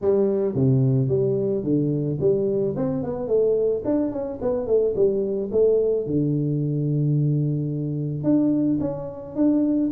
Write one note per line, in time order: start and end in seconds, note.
0.01 0.54 G3
0.54 1.08 C3
1.08 1.63 G3
1.63 2.18 D3
2.20 2.75 G3
2.76 3.03 C4
3.03 3.27 B3
3.27 3.82 A3
3.84 4.11 D4
4.11 4.39 C#4
4.41 4.66 B3
4.66 4.94 A3
4.95 5.50 G3
5.51 6.06 A3
6.06 8.23 D3
8.23 8.78 D4
8.80 9.35 C#4
9.35 9.90 D4